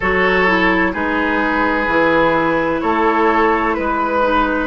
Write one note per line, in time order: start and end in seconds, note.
0.00 0.94 F#3
0.00 0.47 F#4
0.00 0.91 A4
0.00 0.94 C#5
0.47 0.93 E4
0.93 1.87 G#3
0.93 1.87 D#4
0.93 2.80 G#4
0.93 2.81 B4
1.87 2.80 E3
1.87 4.22 E4
2.81 3.76 A3
2.81 3.76 A4
2.81 3.74 C#5
3.74 4.67 G#3
3.74 4.67 B4
4.22 4.67 D#4